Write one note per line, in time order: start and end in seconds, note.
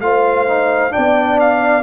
0.00 0.92 A3
0.00 0.47 F4
0.00 0.94 C5
0.00 0.92 F5
0.47 0.90 D#4
0.90 1.82 D4
0.90 1.82 D5
0.90 1.39 G5
0.97 1.82 B3
1.39 1.82 F5